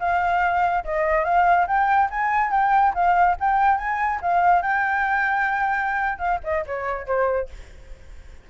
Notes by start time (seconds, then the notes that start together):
0.00 F5
0.85 D#5
1.25 F5
1.67 G5
2.10 G#5
2.51 G5
2.95 F5
3.41 G5
3.78 G#5
4.22 F5
4.62 G5
6.19 F5
6.44 D#5
6.67 C#5
7.07 C5